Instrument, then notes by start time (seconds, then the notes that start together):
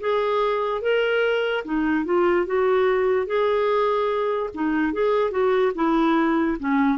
clarinet
0.00 G#4
0.81 A#4
1.65 D#4
2.05 F4
2.46 F#4
3.27 G#4
4.54 D#4
4.93 G#4
5.31 F#4
5.75 E4
6.59 C#4